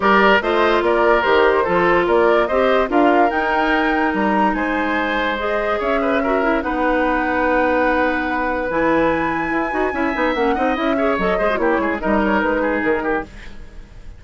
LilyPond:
<<
  \new Staff \with { instrumentName = "flute" } { \time 4/4 \tempo 4 = 145 d''4 dis''4 d''4 c''4~ | c''4 d''4 dis''4 f''4 | g''2 ais''4 gis''4~ | gis''4 dis''4 e''2 |
fis''1~ | fis''4 gis''2.~ | gis''4 fis''4 e''4 dis''4 | cis''4 dis''8 cis''8 b'4 ais'4 | }
  \new Staff \with { instrumentName = "oboe" } { \time 4/4 ais'4 c''4 ais'2 | a'4 ais'4 c''4 ais'4~ | ais'2. c''4~ | c''2 cis''8 b'8 ais'4 |
b'1~ | b'1 | e''4. dis''4 cis''4 c''8 | g'8 gis'8 ais'4. gis'4 g'8 | }
  \new Staff \with { instrumentName = "clarinet" } { \time 4/4 g'4 f'2 g'4 | f'2 g'4 f'4 | dis'1~ | dis'4 gis'2 fis'8 e'8 |
dis'1~ | dis'4 e'2~ e'8 fis'8 | e'8 dis'8 cis'8 dis'8 e'8 gis'8 a'8 gis'16 fis'16 | e'4 dis'2. | }
  \new Staff \with { instrumentName = "bassoon" } { \time 4/4 g4 a4 ais4 dis4 | f4 ais4 c'4 d'4 | dis'2 g4 gis4~ | gis2 cis'2 |
b1~ | b4 e2 e'8 dis'8 | cis'8 b8 ais8 c'8 cis'4 fis8 gis8 | ais8 gis8 g4 gis4 dis4 | }
>>